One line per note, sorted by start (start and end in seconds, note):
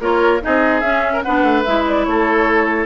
0.00 0.41 A#3
0.00 0.41 F4
0.00 0.41 A#4
0.00 0.43 C#5
0.41 0.82 C4
0.41 0.82 D#4
0.41 1.13 G#4
0.41 0.80 D#5
0.80 1.23 C#4
0.80 1.24 C#4
0.80 1.21 E5
1.13 1.23 A#4
1.22 1.43 B3
1.22 1.66 D4
1.22 2.06 B4
1.22 1.63 F#5
1.43 1.63 A3
1.63 2.06 G#3
1.63 2.86 E4
1.63 1.84 E5
1.88 2.04 D5
2.04 2.86 A3
2.04 2.86 A4
2.04 2.86 C#5